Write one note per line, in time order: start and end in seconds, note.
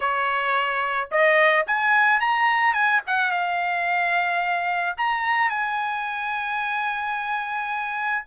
0.00 1.09 C#5
1.11 1.66 D#5
1.67 2.20 G#5
2.20 2.73 A#5
2.73 3.01 G#5
3.07 3.31 F#5
3.31 4.96 F5
4.97 5.49 A#5
5.49 8.24 G#5